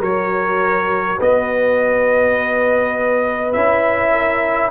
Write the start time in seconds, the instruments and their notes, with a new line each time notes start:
0.00 tuba F#3, trombone F#4, horn A#4, trumpet C#5
1.19 tuba B3, horn B4, trumpet D#5
3.53 tuba C#4, trombone E4, trumpet E5
4.13 horn A#4